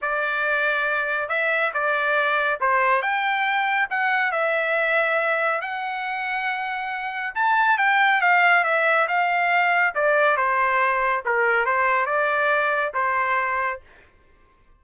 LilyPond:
\new Staff \with { instrumentName = "trumpet" } { \time 4/4 \tempo 4 = 139 d''2. e''4 | d''2 c''4 g''4~ | g''4 fis''4 e''2~ | e''4 fis''2.~ |
fis''4 a''4 g''4 f''4 | e''4 f''2 d''4 | c''2 ais'4 c''4 | d''2 c''2 | }